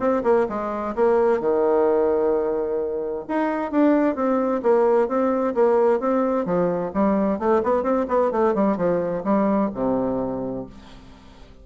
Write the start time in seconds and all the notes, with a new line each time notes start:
0.00 C4
0.24 A#3
0.49 G#3
0.96 A#3
1.41 D#3
3.29 D#4
3.72 D4
4.16 C4
4.63 A#3
5.09 C4
5.55 A#3
6.00 C4
6.46 F3
6.94 G3
7.40 A3
7.64 B3
7.84 C4
8.09 B3
8.32 A3
8.55 G3
8.77 F3
9.25 G3
9.74 C3